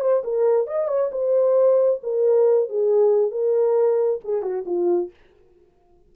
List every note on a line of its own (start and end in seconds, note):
0.00 0.22 C5
0.24 0.67 A#4
0.67 0.88 D#5
0.88 1.10 C#5
1.11 2.00 C5
2.03 2.69 A#4
2.69 3.31 G#4
3.31 4.20 A#4
4.24 4.42 G#4
4.42 4.64 F#4
4.65 5.10 F4